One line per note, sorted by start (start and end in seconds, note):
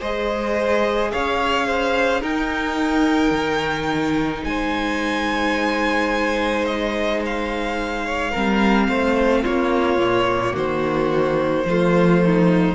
0.00 1.13 G#3
0.00 2.22 G#4
0.00 1.11 C5
0.00 1.12 D#5
1.12 2.23 C#4
1.12 1.67 C#5
1.12 2.23 F5
1.67 2.21 C5
2.21 8.33 D#4
2.21 3.31 D#4
2.21 4.44 A#4
2.21 4.44 G5
3.31 4.42 D#3
4.44 8.34 G#3
4.44 8.06 C5
4.44 6.66 G#5
6.66 7.21 D#5
7.26 9.45 F5
8.06 8.32 C#5
8.32 8.89 G3
8.32 9.99 C4
8.32 8.87 A#4
8.89 9.44 A3
8.89 9.43 C5
9.43 9.99 A#3
9.43 10.54 F4
9.43 10.56 C#5
9.99 10.54 A#2
9.99 11.65 A#3
10.54 11.65 D#3
10.54 11.65 F#4
10.54 12.76 C5
11.65 12.76 F3
11.65 12.76 A3
11.65 12.25 F4
12.25 12.76 D#4